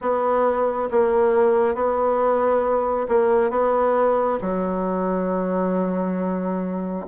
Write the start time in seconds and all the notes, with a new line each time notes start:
0.01 B3
0.91 A#3
1.74 B3
3.08 A#3
3.50 B3
4.41 F#3